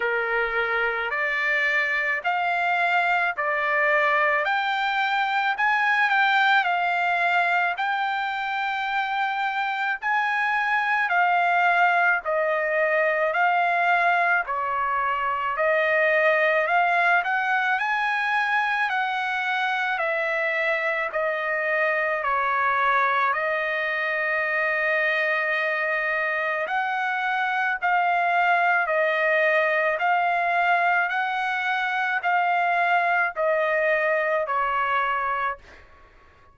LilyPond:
\new Staff \with { instrumentName = "trumpet" } { \time 4/4 \tempo 4 = 54 ais'4 d''4 f''4 d''4 | g''4 gis''8 g''8 f''4 g''4~ | g''4 gis''4 f''4 dis''4 | f''4 cis''4 dis''4 f''8 fis''8 |
gis''4 fis''4 e''4 dis''4 | cis''4 dis''2. | fis''4 f''4 dis''4 f''4 | fis''4 f''4 dis''4 cis''4 | }